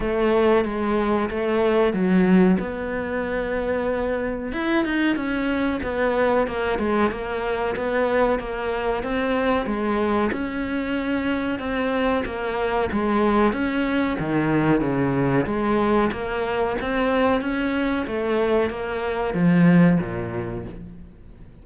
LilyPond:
\new Staff \with { instrumentName = "cello" } { \time 4/4 \tempo 4 = 93 a4 gis4 a4 fis4 | b2. e'8 dis'8 | cis'4 b4 ais8 gis8 ais4 | b4 ais4 c'4 gis4 |
cis'2 c'4 ais4 | gis4 cis'4 dis4 cis4 | gis4 ais4 c'4 cis'4 | a4 ais4 f4 ais,4 | }